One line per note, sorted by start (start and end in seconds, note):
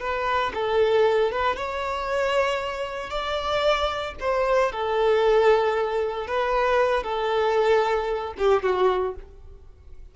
0.00 0.52 B4
0.54 1.32 A4
1.32 1.56 B4
1.56 3.10 C#5
3.10 4.14 D5
4.20 4.72 C5
4.72 6.27 A4
6.27 7.03 B4
7.03 8.34 A4
8.38 8.63 G4
8.63 9.15 F#4